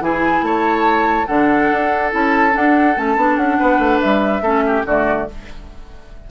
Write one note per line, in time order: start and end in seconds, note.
0.00 0.42 E3
0.00 1.26 E4
0.00 0.45 G#4
0.00 0.43 G#5
0.42 1.26 A3
0.42 1.26 C#5
0.42 1.26 A5
1.26 1.70 D3
1.26 2.10 D4
1.26 3.57 A4
1.26 2.10 F#5
1.71 2.13 D4
2.10 2.55 C#4
2.10 2.51 E4
2.10 2.56 A5
2.51 2.93 D4
2.51 2.96 D4
2.51 2.97 F#5
2.96 3.16 A3
2.96 3.17 C#4
2.96 3.37 A5
3.16 3.36 B3
3.16 4.43 D4
3.36 3.57 C#4
3.36 4.00 F#5
3.58 3.78 B3
3.58 4.42 B4
3.78 3.99 A3
4.01 4.41 G3
4.01 4.84 E5
4.41 4.83 A3
4.41 4.85 C#4
4.41 4.63 A4
4.66 4.86 G4
4.85 5.27 D3
4.85 5.29 A3
4.85 5.28 F#4
4.85 5.30 D5